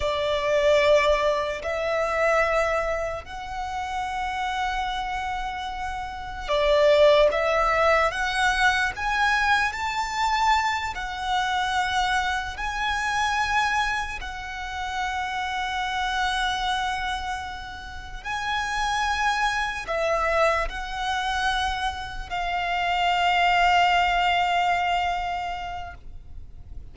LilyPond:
\new Staff \with { instrumentName = "violin" } { \time 4/4 \tempo 4 = 74 d''2 e''2 | fis''1 | d''4 e''4 fis''4 gis''4 | a''4. fis''2 gis''8~ |
gis''4. fis''2~ fis''8~ | fis''2~ fis''8 gis''4.~ | gis''8 e''4 fis''2 f''8~ | f''1 | }